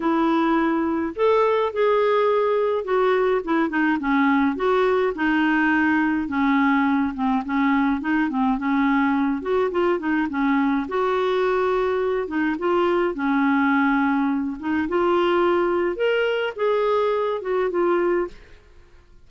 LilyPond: \new Staff \with { instrumentName = "clarinet" } { \time 4/4 \tempo 4 = 105 e'2 a'4 gis'4~ | gis'4 fis'4 e'8 dis'8 cis'4 | fis'4 dis'2 cis'4~ | cis'8 c'8 cis'4 dis'8 c'8 cis'4~ |
cis'8 fis'8 f'8 dis'8 cis'4 fis'4~ | fis'4. dis'8 f'4 cis'4~ | cis'4. dis'8 f'2 | ais'4 gis'4. fis'8 f'4 | }